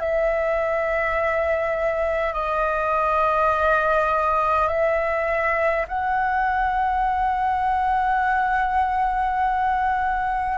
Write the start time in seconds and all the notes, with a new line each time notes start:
0.00 E5
2.34 D#5
4.68 E5
5.88 F#5